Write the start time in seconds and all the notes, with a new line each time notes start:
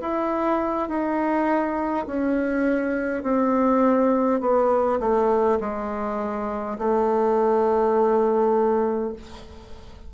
0.00 E4
0.88 D#4
2.06 C#4
3.23 C4
4.40 B3
4.99 A3
5.60 G#3
6.78 A3